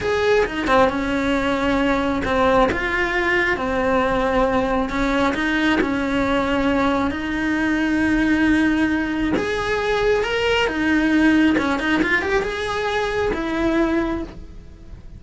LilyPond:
\new Staff \with { instrumentName = "cello" } { \time 4/4 \tempo 4 = 135 gis'4 dis'8 c'8 cis'2~ | cis'4 c'4 f'2 | c'2. cis'4 | dis'4 cis'2. |
dis'1~ | dis'4 gis'2 ais'4 | dis'2 cis'8 dis'8 f'8 g'8 | gis'2 e'2 | }